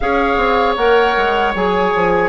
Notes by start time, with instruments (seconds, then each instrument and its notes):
0.00 bassoon C#4, clarinet G#4, oboe C#5, flute F5
0.36 bassoon C4
0.76 bassoon A#3, clarinet A#4, flute F#5
1.17 bassoon G#3
1.54 bassoon F#3, clarinet G#4, flute G#5
1.94 bassoon F3